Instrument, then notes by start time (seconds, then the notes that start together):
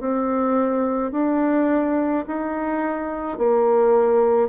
bassoon
0.00 C4
1.12 D4
2.27 D#4
3.38 A#3